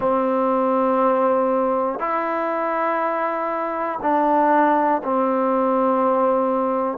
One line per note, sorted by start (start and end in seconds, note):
0.00 1.99 C4
1.99 3.99 E4
4.01 5.01 D4
5.03 6.97 C4